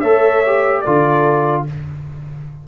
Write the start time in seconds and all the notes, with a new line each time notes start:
0.00 A3 A4 C#5 E5
0.46 G4
0.81 D3 F4 A4 D5